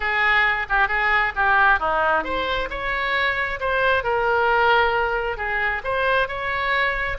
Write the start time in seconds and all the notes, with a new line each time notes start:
0.00 G#4
0.69 G4
0.88 G#4
1.35 G4
1.79 D#4
2.24 C5
2.70 C#5
3.60 C5
4.03 A#4
5.37 G#4
5.84 C5
6.28 C#5